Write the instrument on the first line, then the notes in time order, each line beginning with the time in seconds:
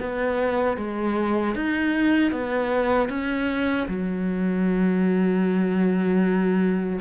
cello
0.00 B3
0.78 G#3
1.55 D#4
2.32 B3
3.10 C#4
3.88 F#3